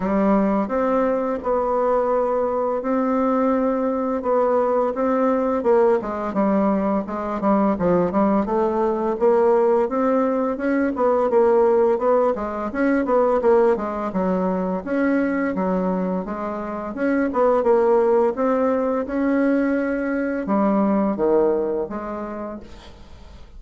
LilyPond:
\new Staff \with { instrumentName = "bassoon" } { \time 4/4 \tempo 4 = 85 g4 c'4 b2 | c'2 b4 c'4 | ais8 gis8 g4 gis8 g8 f8 g8 | a4 ais4 c'4 cis'8 b8 |
ais4 b8 gis8 cis'8 b8 ais8 gis8 | fis4 cis'4 fis4 gis4 | cis'8 b8 ais4 c'4 cis'4~ | cis'4 g4 dis4 gis4 | }